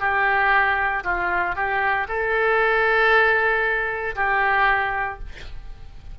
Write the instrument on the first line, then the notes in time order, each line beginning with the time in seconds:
oboe
0.00 G4
1.04 F4
1.55 G4
2.08 A4
4.15 G4